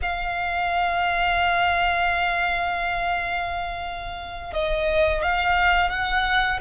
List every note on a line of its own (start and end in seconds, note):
0.02 4.53 F5
4.53 5.22 D#5
5.22 5.90 F5
5.90 6.59 F#5